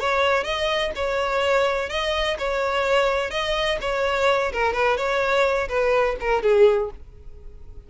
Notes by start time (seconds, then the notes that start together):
0.00 C#5
0.44 D#5
0.96 C#5
1.90 D#5
2.39 C#5
3.31 D#5
3.81 C#5
4.53 A#4
4.73 B4
4.97 C#5
5.69 B4
6.21 A#4
6.43 G#4